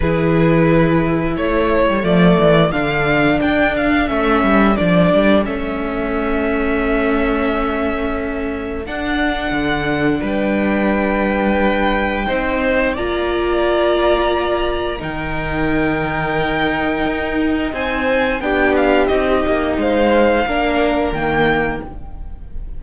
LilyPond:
<<
  \new Staff \with { instrumentName = "violin" } { \time 4/4 \tempo 4 = 88 b'2 cis''4 d''4 | f''4 g''8 f''8 e''4 d''4 | e''1~ | e''4 fis''2 g''4~ |
g''2. ais''4~ | ais''2 g''2~ | g''2 gis''4 g''8 f''8 | dis''4 f''2 g''4 | }
  \new Staff \with { instrumentName = "violin" } { \time 4/4 gis'2 a'2~ | a'1~ | a'1~ | a'2. b'4~ |
b'2 c''4 d''4~ | d''2 ais'2~ | ais'2 c''4 g'4~ | g'4 c''4 ais'2 | }
  \new Staff \with { instrumentName = "viola" } { \time 4/4 e'2. a4 | d'2 cis'4 d'4 | cis'1~ | cis'4 d'2.~ |
d'2 dis'4 f'4~ | f'2 dis'2~ | dis'2. d'4 | dis'2 d'4 ais4 | }
  \new Staff \with { instrumentName = "cello" } { \time 4/4 e2 a8. g16 f8 e8 | d4 d'4 a8 g8 f8 g8 | a1~ | a4 d'4 d4 g4~ |
g2 c'4 ais4~ | ais2 dis2~ | dis4 dis'4 c'4 b4 | c'8 ais8 gis4 ais4 dis4 | }
>>